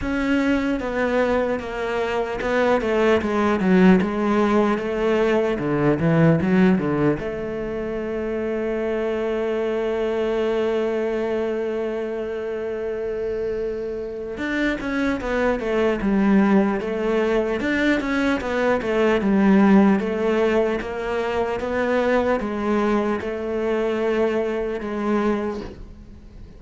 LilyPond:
\new Staff \with { instrumentName = "cello" } { \time 4/4 \tempo 4 = 75 cis'4 b4 ais4 b8 a8 | gis8 fis8 gis4 a4 d8 e8 | fis8 d8 a2.~ | a1~ |
a2 d'8 cis'8 b8 a8 | g4 a4 d'8 cis'8 b8 a8 | g4 a4 ais4 b4 | gis4 a2 gis4 | }